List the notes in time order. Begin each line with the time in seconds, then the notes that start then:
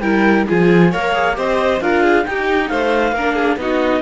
0.00 G3 E4 A#4 G5
0.48 F3 F4 G#4 G#5
0.91 A#3 A#4 C#5 F5
1.13 G#4
1.34 C4 G4 C5 D#5
1.81 D4 F4 A#4 F5
2.03 G#4
2.24 D#4 G4 G5
2.68 A3 C5 F5
3.12 A#3 D4 A#4
3.35 G#4
3.56 B3 D#4 F#4 D#5